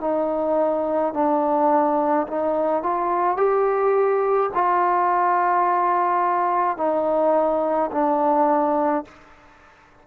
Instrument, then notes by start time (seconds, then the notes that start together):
trombone
0.00 D#4
1.13 D4
2.27 D#4
2.83 F4
3.37 G4
4.53 F4
6.77 D#4
7.91 D4